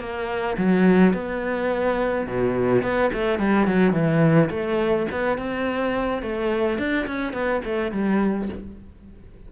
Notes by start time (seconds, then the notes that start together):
0.00 A#3
0.57 F#3
1.13 B3
2.27 B2
2.83 B3
3.13 A3
3.39 G3
3.67 F#3
3.93 E3
4.50 A3
5.12 B3
5.38 C4
6.22 A3
6.78 D4
7.07 C#4
7.33 B3
7.65 A3
7.92 G3